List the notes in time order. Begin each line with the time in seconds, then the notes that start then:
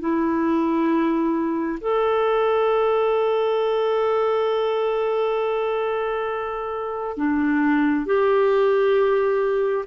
0.00 E4
1.81 A4
7.17 D4
8.06 G4